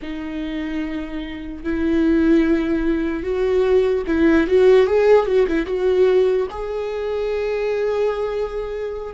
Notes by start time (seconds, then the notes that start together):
0.01 D#4
1.63 E4
3.22 F#4
4.06 E4
4.47 F#4
4.86 G#4
5.26 F#4
5.47 E4
5.66 F#4
6.50 G#4